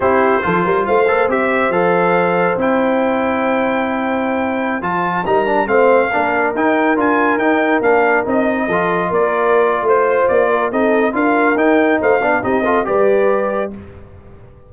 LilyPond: <<
  \new Staff \with { instrumentName = "trumpet" } { \time 4/4 \tempo 4 = 140 c''2 f''4 e''4 | f''2 g''2~ | g''2.~ g''16 a''8.~ | a''16 ais''4 f''2 g''8.~ |
g''16 gis''4 g''4 f''4 dis''8.~ | dis''4~ dis''16 d''4.~ d''16 c''4 | d''4 dis''4 f''4 g''4 | f''4 dis''4 d''2 | }
  \new Staff \with { instrumentName = "horn" } { \time 4/4 g'4 a'8 ais'8 c''2~ | c''1~ | c''1~ | c''16 ais'4 c''4 ais'4.~ ais'16~ |
ais'1~ | ais'16 a'4 ais'4.~ ais'16 c''4~ | c''8 ais'8 a'4 ais'2 | c''8 d''8 g'8 a'8 b'2 | }
  \new Staff \with { instrumentName = "trombone" } { \time 4/4 e'4 f'4. a'8 g'4 | a'2 e'2~ | e'2.~ e'16 f'8.~ | f'16 dis'8 d'8 c'4 d'4 dis'8.~ |
dis'16 f'4 dis'4 d'4 dis'8.~ | dis'16 f'2.~ f'8.~ | f'4 dis'4 f'4 dis'4~ | dis'8 d'8 dis'8 f'8 g'2 | }
  \new Staff \with { instrumentName = "tuba" } { \time 4/4 c'4 f8 g8 a8 ais8 c'4 | f2 c'2~ | c'2.~ c'16 f8.~ | f16 g4 a4 ais4 dis'8.~ |
dis'16 d'4 dis'4 ais4 c'8.~ | c'16 f4 ais4.~ ais16 a4 | ais4 c'4 d'4 dis'4 | a8 b8 c'4 g2 | }
>>